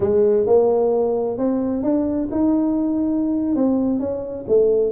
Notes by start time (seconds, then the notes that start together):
0.00 G#3
0.46 A#3
1.38 C4
1.82 D4
2.31 D#4
3.55 C4
3.99 C#4
4.48 A3